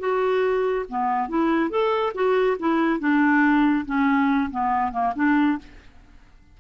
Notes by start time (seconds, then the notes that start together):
0.00 F#4
0.89 B3
1.29 E4
1.70 A4
2.15 F#4
2.59 E4
3.00 D4
3.86 C#4
4.51 B3
4.92 A#3
5.16 D4